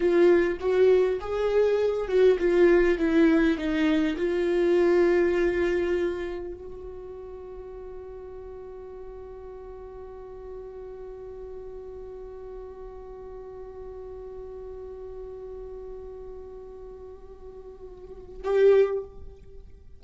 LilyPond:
\new Staff \with { instrumentName = "viola" } { \time 4/4 \tempo 4 = 101 f'4 fis'4 gis'4. fis'8 | f'4 e'4 dis'4 f'4~ | f'2. fis'4~ | fis'1~ |
fis'1~ | fis'1~ | fis'1~ | fis'2. g'4 | }